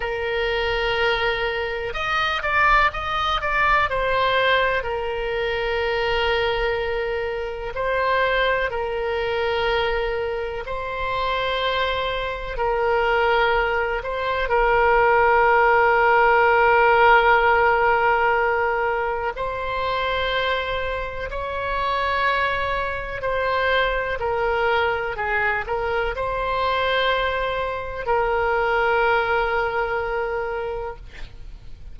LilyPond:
\new Staff \with { instrumentName = "oboe" } { \time 4/4 \tempo 4 = 62 ais'2 dis''8 d''8 dis''8 d''8 | c''4 ais'2. | c''4 ais'2 c''4~ | c''4 ais'4. c''8 ais'4~ |
ais'1 | c''2 cis''2 | c''4 ais'4 gis'8 ais'8 c''4~ | c''4 ais'2. | }